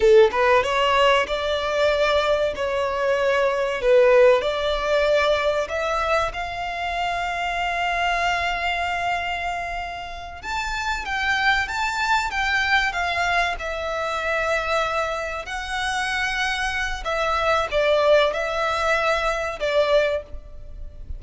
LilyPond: \new Staff \with { instrumentName = "violin" } { \time 4/4 \tempo 4 = 95 a'8 b'8 cis''4 d''2 | cis''2 b'4 d''4~ | d''4 e''4 f''2~ | f''1~ |
f''8 a''4 g''4 a''4 g''8~ | g''8 f''4 e''2~ e''8~ | e''8 fis''2~ fis''8 e''4 | d''4 e''2 d''4 | }